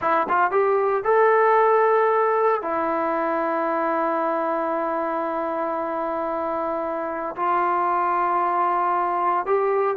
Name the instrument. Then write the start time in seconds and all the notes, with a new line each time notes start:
trombone
0.01 E4
0.28 F4
0.51 G4
1.04 A4
2.61 E4
7.35 F4
9.45 G4